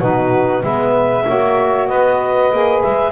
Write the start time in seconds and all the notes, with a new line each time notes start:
0.00 B2 D#4 F#4 B4
0.62 G#3 B3 B4 E5
1.27 A#3 F#4 C#5
1.88 B3 B4 D#5
2.52 A#3 G#4
2.82 G#3 E5